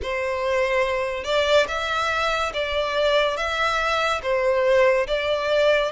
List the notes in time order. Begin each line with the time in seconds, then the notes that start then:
0.02 C5
1.24 D5
1.67 E5
2.54 D5
3.36 E5
4.22 C5
5.07 D5